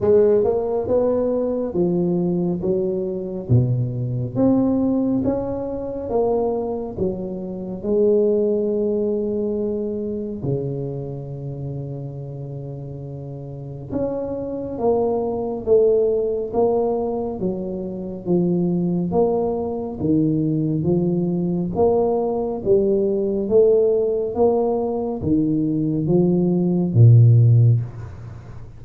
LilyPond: \new Staff \with { instrumentName = "tuba" } { \time 4/4 \tempo 4 = 69 gis8 ais8 b4 f4 fis4 | b,4 c'4 cis'4 ais4 | fis4 gis2. | cis1 |
cis'4 ais4 a4 ais4 | fis4 f4 ais4 dis4 | f4 ais4 g4 a4 | ais4 dis4 f4 ais,4 | }